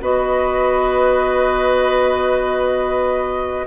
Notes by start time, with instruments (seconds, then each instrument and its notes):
0.00 bassoon B3, clarinet F#4, oboe B4, flute D#5